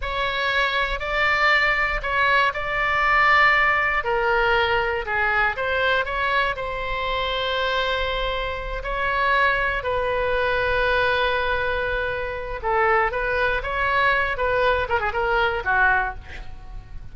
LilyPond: \new Staff \with { instrumentName = "oboe" } { \time 4/4 \tempo 4 = 119 cis''2 d''2 | cis''4 d''2. | ais'2 gis'4 c''4 | cis''4 c''2.~ |
c''4. cis''2 b'8~ | b'1~ | b'4 a'4 b'4 cis''4~ | cis''8 b'4 ais'16 gis'16 ais'4 fis'4 | }